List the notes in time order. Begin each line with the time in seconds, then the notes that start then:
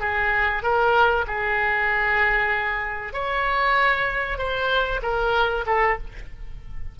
0.00 G#4
0.62 A#4
1.27 G#4
3.13 C#5
4.38 C5
5.02 A#4
5.66 A4